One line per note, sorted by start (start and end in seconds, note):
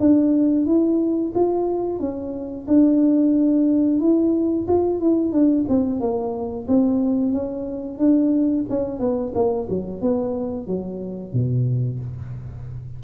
0.00 0.66 D4
0.66 1.33 E4
1.35 2.00 F4
2.00 2.66 C#4
2.68 4.01 D4
4.01 4.67 E4
4.68 5.00 F4
5.00 5.33 E4
5.33 5.66 D4
5.69 6.01 C4
6.01 6.67 A#3
6.68 7.33 C4
7.33 7.99 C#4
7.99 8.65 D4
8.70 9.00 C#4
9.00 9.33 B3
9.35 9.68 A#3
9.70 10.02 F#3
10.02 10.68 B3
10.68 11.33 F#3
11.33 12.00 B2